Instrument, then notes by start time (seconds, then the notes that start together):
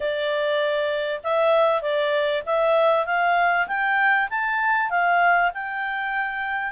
clarinet
0.00 D5
1.23 E5
1.81 D5
2.45 E5
3.06 F5
3.67 G5
4.30 A5
4.90 F5
5.54 G5